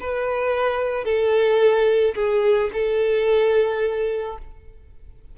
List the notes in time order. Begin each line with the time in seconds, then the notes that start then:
0.00 B4
1.05 A4
2.15 G#4
2.73 A4